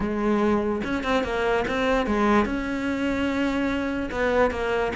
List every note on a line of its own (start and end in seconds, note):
0.00 0.81 G#3
0.83 1.03 C#4
1.03 1.23 C4
1.23 1.64 A#3
1.67 2.06 C4
2.06 2.45 G#3
2.45 4.09 C#4
4.11 4.50 B3
4.50 4.91 A#3